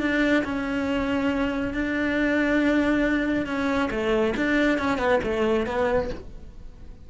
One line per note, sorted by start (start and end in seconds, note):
0.00 0.43 D4
0.44 1.74 C#4
1.74 3.46 D4
3.46 3.90 C#4
3.91 4.34 A3
4.37 4.78 D4
4.78 4.98 C#4
4.98 5.20 B3
5.24 5.66 A3
5.66 6.10 B3